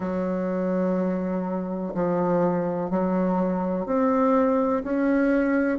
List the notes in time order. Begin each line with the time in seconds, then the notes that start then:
0.00 F#3
1.94 F3
2.90 F#3
3.86 C4
4.83 C#4